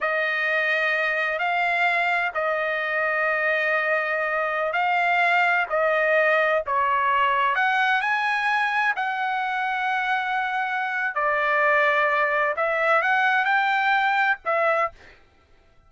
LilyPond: \new Staff \with { instrumentName = "trumpet" } { \time 4/4 \tempo 4 = 129 dis''2. f''4~ | f''4 dis''2.~ | dis''2~ dis''16 f''4.~ f''16~ | f''16 dis''2 cis''4.~ cis''16~ |
cis''16 fis''4 gis''2 fis''8.~ | fis''1 | d''2. e''4 | fis''4 g''2 e''4 | }